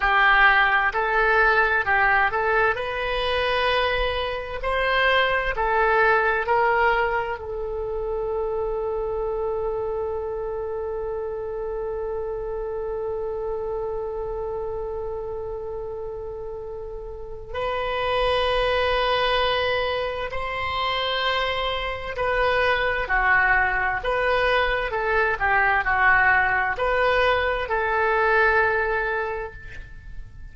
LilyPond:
\new Staff \with { instrumentName = "oboe" } { \time 4/4 \tempo 4 = 65 g'4 a'4 g'8 a'8 b'4~ | b'4 c''4 a'4 ais'4 | a'1~ | a'1~ |
a'2. b'4~ | b'2 c''2 | b'4 fis'4 b'4 a'8 g'8 | fis'4 b'4 a'2 | }